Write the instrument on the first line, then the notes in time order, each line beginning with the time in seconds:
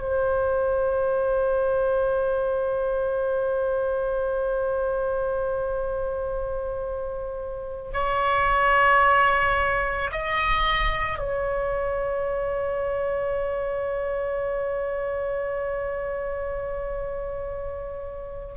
oboe
0.00 C5
7.93 C#5
10.11 D#5
11.18 C#5